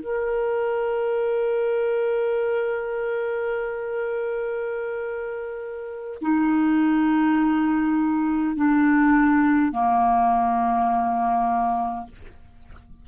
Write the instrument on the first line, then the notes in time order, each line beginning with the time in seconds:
clarinet
0.00 A#4
6.21 D#4
8.56 D4
9.72 A#3